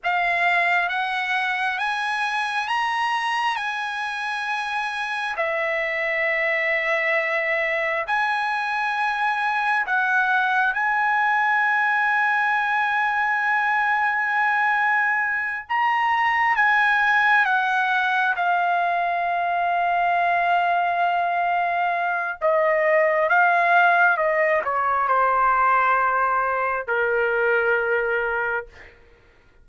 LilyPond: \new Staff \with { instrumentName = "trumpet" } { \time 4/4 \tempo 4 = 67 f''4 fis''4 gis''4 ais''4 | gis''2 e''2~ | e''4 gis''2 fis''4 | gis''1~ |
gis''4. ais''4 gis''4 fis''8~ | fis''8 f''2.~ f''8~ | f''4 dis''4 f''4 dis''8 cis''8 | c''2 ais'2 | }